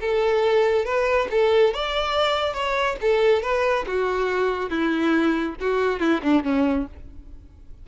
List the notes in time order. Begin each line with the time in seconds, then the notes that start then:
0.00 A4
0.85 B4
1.31 A4
1.73 D5
2.53 C#5
3.01 A4
3.42 B4
3.87 F#4
4.69 E4
5.60 F#4
5.99 E4
6.22 D4
6.43 C#4